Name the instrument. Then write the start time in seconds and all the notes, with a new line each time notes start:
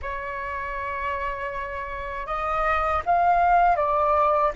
flute
0.02 C#5
2.26 D#5
3.05 F5
3.76 D5